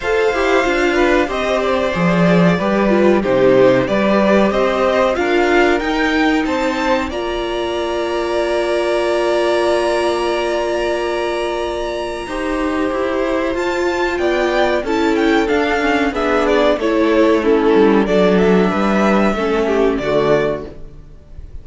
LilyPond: <<
  \new Staff \with { instrumentName = "violin" } { \time 4/4 \tempo 4 = 93 f''2 dis''8 d''4.~ | d''4 c''4 d''4 dis''4 | f''4 g''4 a''4 ais''4~ | ais''1~ |
ais''1~ | ais''4 a''4 g''4 a''8 g''8 | f''4 e''8 d''8 cis''4 a'4 | d''8 e''2~ e''8 d''4 | }
  \new Staff \with { instrumentName = "violin" } { \time 4/4 c''4. b'8 c''2 | b'4 g'4 b'4 c''4 | ais'2 c''4 d''4~ | d''1~ |
d''2. c''4~ | c''2 d''4 a'4~ | a'4 gis'4 a'4 e'4 | a'4 b'4 a'8 g'8 fis'4 | }
  \new Staff \with { instrumentName = "viola" } { \time 4/4 a'8 g'8 f'4 g'4 gis'4 | g'8 f'8 dis'4 g'2 | f'4 dis'2 f'4~ | f'1~ |
f'2. g'4~ | g'4 f'2 e'4 | d'8 cis'8 d'4 e'4 cis'4 | d'2 cis'4 a4 | }
  \new Staff \with { instrumentName = "cello" } { \time 4/4 f'8 e'8 d'4 c'4 f4 | g4 c4 g4 c'4 | d'4 dis'4 c'4 ais4~ | ais1~ |
ais2. dis'4 | e'4 f'4 b4 cis'4 | d'4 b4 a4. g8 | fis4 g4 a4 d4 | }
>>